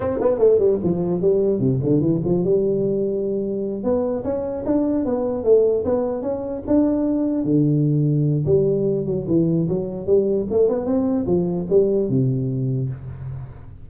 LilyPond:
\new Staff \with { instrumentName = "tuba" } { \time 4/4 \tempo 4 = 149 c'8 b8 a8 g8 f4 g4 | c8 d8 e8 f8 g2~ | g4. b4 cis'4 d'8~ | d'8 b4 a4 b4 cis'8~ |
cis'8 d'2 d4.~ | d4 g4. fis8 e4 | fis4 g4 a8 b8 c'4 | f4 g4 c2 | }